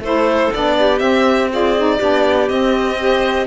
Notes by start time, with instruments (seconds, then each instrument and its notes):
0.00 cello A3, saxophone E4, clarinet A4, violin C5
0.54 cello B3, saxophone D4, violin D5
0.79 clarinet G4
0.99 saxophone C4, cello C4, violin E5
1.51 saxophone F4, clarinet G#4, violin D5
1.77 saxophone D#4
1.98 cello B3, saxophone D4, clarinet G4
2.49 saxophone C4, cello C4, violin D#5
2.98 saxophone G4, clarinet C5